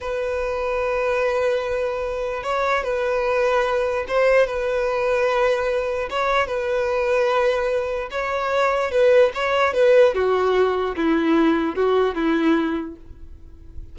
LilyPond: \new Staff \with { instrumentName = "violin" } { \time 4/4 \tempo 4 = 148 b'1~ | b'2 cis''4 b'4~ | b'2 c''4 b'4~ | b'2. cis''4 |
b'1 | cis''2 b'4 cis''4 | b'4 fis'2 e'4~ | e'4 fis'4 e'2 | }